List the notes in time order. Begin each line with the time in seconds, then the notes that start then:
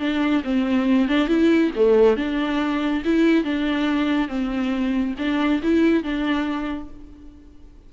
0.00 D4
0.44 C4
1.09 D4
1.29 E4
1.76 A3
2.17 D4
3.05 E4
3.45 D4
4.29 C4
5.19 D4
5.63 E4
6.04 D4